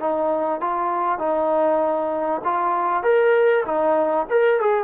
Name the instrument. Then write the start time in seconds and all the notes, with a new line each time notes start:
trombone
0.00 D#4
0.61 F4
1.19 D#4
2.44 F4
3.03 A#4
3.66 D#4
4.30 A#4
4.60 G#4